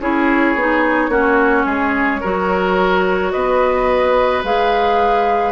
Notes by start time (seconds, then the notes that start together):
0.00 C#4 E4 G#4 C#5
0.55 B3 D#4
1.09 A#3 C#4 F#4
1.66 G#3 G#4
2.21 F#3 F#4 A#4
3.31 B3 B4 D#5
4.44 G#3 G#4 F5